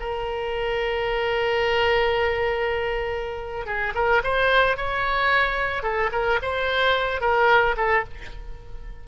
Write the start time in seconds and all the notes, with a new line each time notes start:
0.00 A#4
3.66 G#4
3.95 A#4
4.23 C5
4.77 C#5
5.83 A4
6.12 A#4
6.42 C5
7.21 A#4
7.77 A4